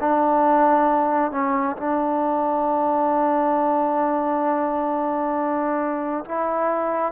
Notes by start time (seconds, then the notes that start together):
0.00 D4
1.31 C#4
1.76 D4
6.25 E4